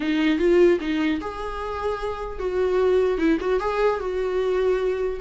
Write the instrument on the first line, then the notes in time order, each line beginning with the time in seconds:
viola
0.00 D#4
0.39 F4
0.80 D#4
1.20 G#4
2.39 F#4
3.18 E4
3.40 F#4
3.60 G#4
4.00 F#4